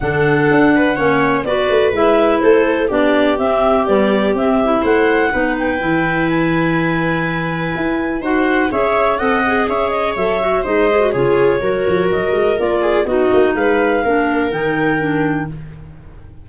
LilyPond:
<<
  \new Staff \with { instrumentName = "clarinet" } { \time 4/4 \tempo 4 = 124 fis''2. d''4 | e''4 c''4 d''4 e''4 | d''4 e''4 fis''4. g''8~ | g''4 gis''2.~ |
gis''4 fis''4 e''4 fis''4 | e''8 dis''8 e''4 dis''4 cis''4~ | cis''4 dis''4 d''4 dis''4 | f''2 g''2 | }
  \new Staff \with { instrumentName = "viola" } { \time 4/4 a'4. b'8 cis''4 b'4~ | b'4 a'4 g'2~ | g'2 c''4 b'4~ | b'1~ |
b'4 c''4 cis''4 dis''4 | cis''2 c''4 gis'4 | ais'2~ ais'8 gis'8 fis'4 | b'4 ais'2. | }
  \new Staff \with { instrumentName = "clarinet" } { \time 4/4 d'2 cis'4 fis'4 | e'2 d'4 c'4 | g4 c'8 e'4. dis'4 | e'1~ |
e'4 fis'4 gis'4 a'8 gis'8~ | gis'4 a'8 fis'8 dis'8 gis'16 fis'16 f'4 | fis'2 f'4 dis'4~ | dis'4 d'4 dis'4 d'4 | }
  \new Staff \with { instrumentName = "tuba" } { \time 4/4 d4 d'4 ais4 b8 a8 | gis4 a4 b4 c'4 | b4 c'4 a4 b4 | e1 |
e'4 dis'4 cis'4 c'4 | cis'4 fis4 gis4 cis4 | fis8 f8 fis8 gis8 ais4 b8 ais8 | gis4 ais4 dis2 | }
>>